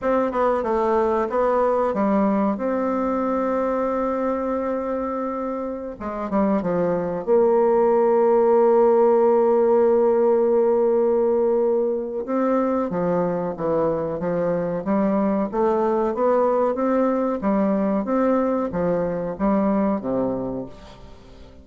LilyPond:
\new Staff \with { instrumentName = "bassoon" } { \time 4/4 \tempo 4 = 93 c'8 b8 a4 b4 g4 | c'1~ | c'4~ c'16 gis8 g8 f4 ais8.~ | ais1~ |
ais2. c'4 | f4 e4 f4 g4 | a4 b4 c'4 g4 | c'4 f4 g4 c4 | }